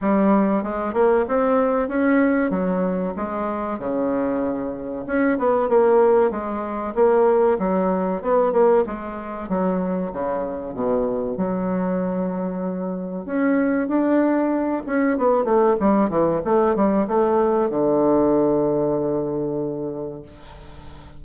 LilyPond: \new Staff \with { instrumentName = "bassoon" } { \time 4/4 \tempo 4 = 95 g4 gis8 ais8 c'4 cis'4 | fis4 gis4 cis2 | cis'8 b8 ais4 gis4 ais4 | fis4 b8 ais8 gis4 fis4 |
cis4 b,4 fis2~ | fis4 cis'4 d'4. cis'8 | b8 a8 g8 e8 a8 g8 a4 | d1 | }